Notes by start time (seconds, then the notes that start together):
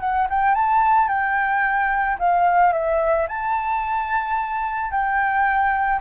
0.00 F#5
0.30 G5
0.54 A5
1.08 G5
2.19 F5
2.72 E5
3.28 A5
4.91 G5